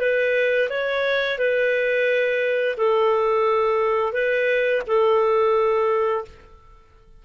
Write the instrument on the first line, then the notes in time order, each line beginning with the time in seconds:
clarinet
0.00 B4
0.70 C#5
1.38 B4
2.77 A4
4.13 B4
4.87 A4